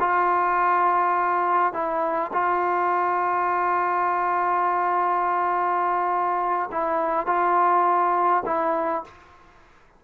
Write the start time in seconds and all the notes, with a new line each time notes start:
0.00 F4
1.73 E4
2.33 F4
6.72 E4
7.27 F4
8.46 E4